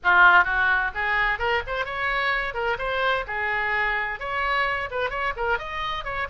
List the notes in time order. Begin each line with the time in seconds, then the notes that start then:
0.03 F4
0.44 F#4
0.94 G#4
1.38 A#4
1.66 C5
1.85 C#5
2.54 A#4
2.78 C5
3.27 G#4
4.19 C#5
4.90 B4
5.10 C#5
5.36 A#4
5.58 D#5
6.04 C#5